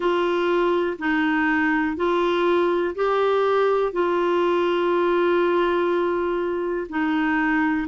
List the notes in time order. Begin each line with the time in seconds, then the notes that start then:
0.00 F4
0.98 D#4
1.96 F4
2.95 G4
3.92 F4
6.89 D#4